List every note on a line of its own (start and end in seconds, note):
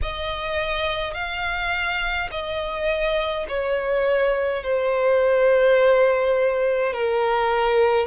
0.02 1.14 D#5
1.14 2.29 F5
2.31 3.46 D#5
3.48 4.63 C#5
4.63 6.93 C5
6.93 8.06 A#4